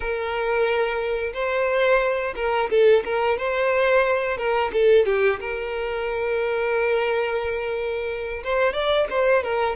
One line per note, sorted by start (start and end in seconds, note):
0.00 1.32 A#4
1.33 2.34 C5
2.35 2.69 A#4
2.70 3.03 A4
3.05 3.38 A#4
3.38 4.37 C5
4.37 4.71 A#4
4.73 5.05 A4
5.05 5.39 G4
5.40 8.43 A#4
8.43 8.73 C5
8.73 9.07 D5
9.10 9.43 C5
9.43 9.75 A#4